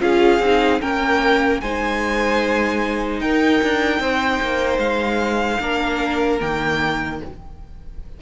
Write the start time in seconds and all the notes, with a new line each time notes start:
0.00 C#4 F4 G#4 F5
0.40 C4 D#4
0.81 A#3 C#4 A#4 G5
1.61 G#3 D#4 C5 G#5
3.20 D#4 A#4 G5
3.63 D4
4.00 C4 C5
4.42 A#3
4.78 G#3 F5
5.60 A#3 D4 A#4
6.40 D#3 A#3 G5